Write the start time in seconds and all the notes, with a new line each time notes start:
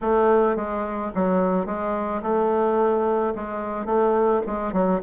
0.01 A3
0.56 G#3
1.14 F#3
1.66 G#3
2.22 A3
3.35 G#3
3.85 A3
4.46 G#3
4.72 F#3